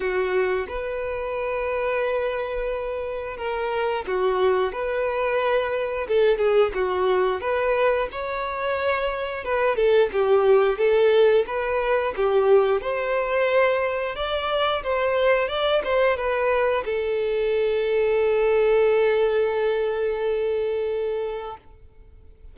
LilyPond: \new Staff \with { instrumentName = "violin" } { \time 4/4 \tempo 4 = 89 fis'4 b'2.~ | b'4 ais'4 fis'4 b'4~ | b'4 a'8 gis'8 fis'4 b'4 | cis''2 b'8 a'8 g'4 |
a'4 b'4 g'4 c''4~ | c''4 d''4 c''4 d''8 c''8 | b'4 a'2.~ | a'1 | }